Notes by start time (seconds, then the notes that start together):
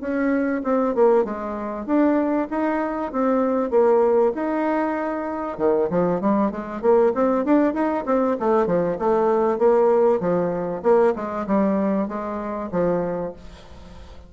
0.00 C#4
0.64 C4
0.94 A#3
1.24 G#3
1.86 D4
2.50 D#4
3.12 C4
3.70 A#3
4.34 D#4
5.58 D#3
5.90 F3
6.21 G3
6.51 G#3
6.81 A#3
7.14 C4
7.45 D4
7.73 D#4
8.06 C4
8.40 A3
8.66 F3
8.99 A3
9.58 A#3
10.20 F3
10.82 A#3
11.15 G#3
11.47 G3
12.08 G#3
12.71 F3